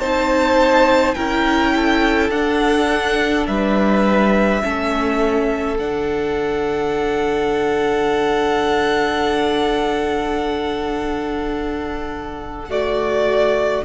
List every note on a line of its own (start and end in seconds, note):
0.00 1.15 C4
0.00 1.17 D#4
0.00 1.15 C5
0.00 1.15 A5
1.15 2.30 C#4
1.15 2.32 E4
1.15 1.74 A#4
1.15 2.30 G5
1.76 3.48 A4
2.30 3.46 D4
2.30 4.63 D4
2.30 3.47 F#5
3.47 4.63 G3
3.47 4.63 B4
3.47 5.78 E5
4.63 5.79 A3
4.63 5.78 C#4
4.63 12.69 A4
5.79 13.85 D3
5.79 12.69 D4
5.79 12.71 F#5
12.69 13.85 A3
12.69 13.85 F#4
12.69 13.85 D5